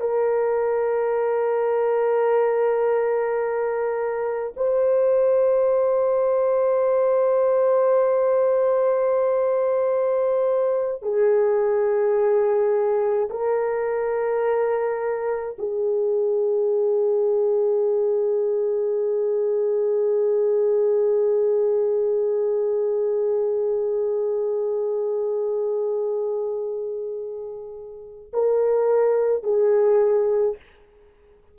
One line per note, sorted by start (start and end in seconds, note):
0.00 4.53 A#4
4.56 11.02 C5
11.02 13.28 G#4
13.30 15.56 A#4
15.58 28.31 G#4
28.33 29.43 A#4
29.43 30.56 G#4